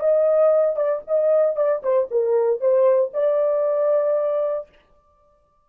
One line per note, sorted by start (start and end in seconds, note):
0.00 0.76 D#5
0.76 1.02 D5
1.07 1.56 D#5
1.56 1.82 D5
1.83 2.09 C5
2.11 2.61 A#4
2.61 3.12 C5
3.14 4.69 D5